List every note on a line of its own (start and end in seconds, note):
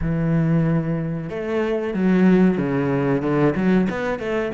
0.01 1.29 E3
1.29 1.94 A3
1.94 2.57 F#3
2.57 3.21 C#3
3.21 3.54 D3
3.55 3.87 F#3
3.89 4.19 B3
4.19 4.51 A3